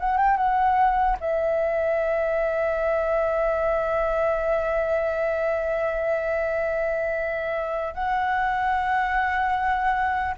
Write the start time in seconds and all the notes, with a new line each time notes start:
0.00 F#5
0.18 G5
0.37 F#5
1.20 E5
7.95 F#5